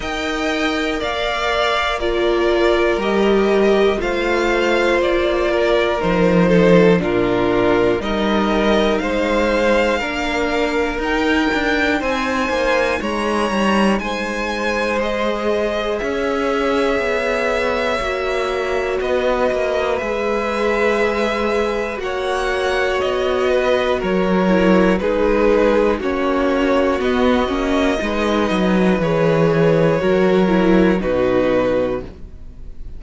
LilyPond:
<<
  \new Staff \with { instrumentName = "violin" } { \time 4/4 \tempo 4 = 60 g''4 f''4 d''4 dis''4 | f''4 d''4 c''4 ais'4 | dis''4 f''2 g''4 | gis''4 ais''4 gis''4 dis''4 |
e''2. dis''4 | e''2 fis''4 dis''4 | cis''4 b'4 cis''4 dis''4~ | dis''4 cis''2 b'4 | }
  \new Staff \with { instrumentName = "violin" } { \time 4/4 dis''4 d''4 ais'2 | c''4. ais'4 a'8 f'4 | ais'4 c''4 ais'2 | c''4 cis''4 c''2 |
cis''2. b'4~ | b'2 cis''4. b'8 | ais'4 gis'4 fis'2 | b'2 ais'4 fis'4 | }
  \new Staff \with { instrumentName = "viola" } { \time 4/4 ais'2 f'4 g'4 | f'2 dis'4 d'4 | dis'2 d'4 dis'4~ | dis'2. gis'4~ |
gis'2 fis'2 | gis'2 fis'2~ | fis'8 e'8 dis'4 cis'4 b8 cis'8 | dis'4 gis'4 fis'8 e'8 dis'4 | }
  \new Staff \with { instrumentName = "cello" } { \time 4/4 dis'4 ais2 g4 | a4 ais4 f4 ais,4 | g4 gis4 ais4 dis'8 d'8 | c'8 ais8 gis8 g8 gis2 |
cis'4 b4 ais4 b8 ais8 | gis2 ais4 b4 | fis4 gis4 ais4 b8 ais8 | gis8 fis8 e4 fis4 b,4 | }
>>